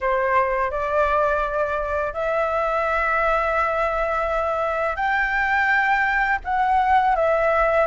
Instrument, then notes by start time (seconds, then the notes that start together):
flute
0.00 C5
0.70 D5
2.13 E5
4.96 G5
6.44 F#5
7.15 E5